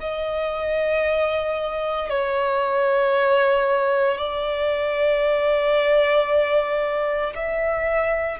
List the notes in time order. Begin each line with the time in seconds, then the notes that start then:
0.00 D#5
2.10 C#5
4.18 D5
7.35 E5